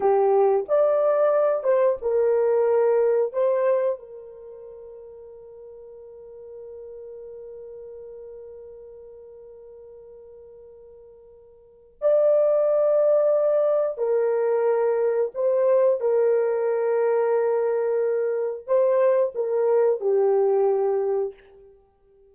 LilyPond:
\new Staff \with { instrumentName = "horn" } { \time 4/4 \tempo 4 = 90 g'4 d''4. c''8 ais'4~ | ais'4 c''4 ais'2~ | ais'1~ | ais'1~ |
ais'2 d''2~ | d''4 ais'2 c''4 | ais'1 | c''4 ais'4 g'2 | }